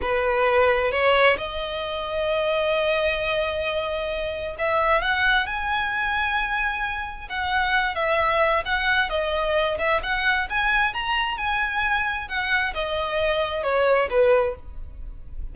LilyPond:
\new Staff \with { instrumentName = "violin" } { \time 4/4 \tempo 4 = 132 b'2 cis''4 dis''4~ | dis''1~ | dis''2 e''4 fis''4 | gis''1 |
fis''4. e''4. fis''4 | dis''4. e''8 fis''4 gis''4 | ais''4 gis''2 fis''4 | dis''2 cis''4 b'4 | }